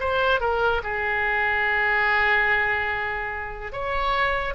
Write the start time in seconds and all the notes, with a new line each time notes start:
0.00 C5
0.41 A#4
0.83 G#4
3.72 C#5